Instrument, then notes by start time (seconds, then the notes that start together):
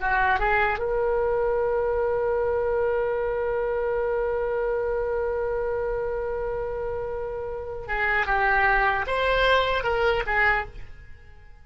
oboe
0.00 F#4
0.39 G#4
0.79 A#4
7.87 G#4
8.26 G4
9.07 C5
9.84 A#4
10.26 G#4